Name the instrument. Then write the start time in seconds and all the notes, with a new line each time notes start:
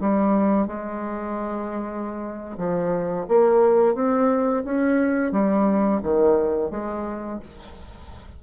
bassoon
0.00 G3
0.67 G#3
2.57 F3
3.28 A#3
3.94 C4
4.64 C#4
5.32 G3
6.02 D#3
6.70 G#3